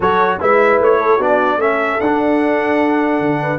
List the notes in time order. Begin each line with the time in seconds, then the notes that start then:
0.00 F#3 F#4 A4 C#5
0.40 G#3 E4 B4 E5
0.80 A3 C#5
0.99 A4
1.16 B3 D4 F#4 D5
1.57 A3 C#4 A4 E5
2.00 D4 F#5
3.19 D3
3.41 B4